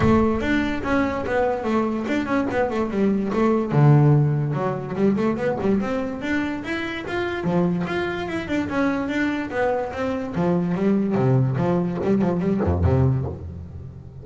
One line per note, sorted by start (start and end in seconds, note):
0.00 0.40 A3
0.40 0.82 D4
0.83 1.24 C#4
1.25 1.64 B3
1.64 2.05 A3
2.08 2.26 D4
2.26 2.46 C#4
2.50 2.70 B3
2.70 2.90 A3
2.90 3.31 G3
3.33 3.71 A3
3.71 4.53 D3
4.53 4.94 F#3
4.95 5.16 G3
5.16 5.36 A3
5.36 5.57 B3
5.61 5.80 G3
5.80 6.21 C4
6.21 6.63 D4
6.64 7.05 E4
7.07 7.44 F4
7.44 7.85 F3
7.87 8.28 F4
8.28 8.48 E4
8.48 8.68 D4
8.69 9.08 C#4
9.08 9.49 D4
9.50 9.92 B3
9.92 10.34 C4
10.35 10.75 F3
10.75 11.14 G3
11.14 11.56 C3
11.56 11.98 F3
12.03 12.21 G3
12.21 12.40 F3
12.40 12.60 G3
12.63 12.84 F2
12.84 13.25 C3